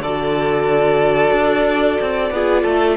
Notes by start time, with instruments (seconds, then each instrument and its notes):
0.00 cello D3, viola F#4, violin A4 D5
1.32 cello D4
2.01 cello C4
2.31 cello B3, viola F4, violin G#4
2.63 cello A3, violin A4